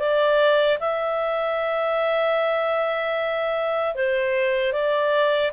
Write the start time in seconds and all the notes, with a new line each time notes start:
0.00 D5
0.80 E5
3.95 C5
4.73 D5